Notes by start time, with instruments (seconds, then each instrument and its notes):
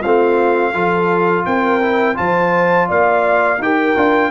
0.00 tuba A3, horn F4, trumpet F5
0.06 trombone C4
0.74 tuba F3, trombone F4, horn A4
1.46 tuba C4, horn A#4, trumpet G5
1.82 trombone E4
2.15 tuba F3, trombone F4, horn C5, trumpet A5
2.89 tuba A#3, horn D5, trumpet F5
3.58 tuba D#4, trombone G4, horn A#4, trumpet G5
3.97 tuba D4, trombone F4